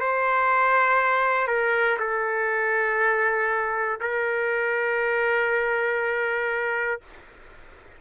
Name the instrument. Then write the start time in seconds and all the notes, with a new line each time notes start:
trumpet
0.00 C5
1.47 A#4
1.99 A4
4.00 A#4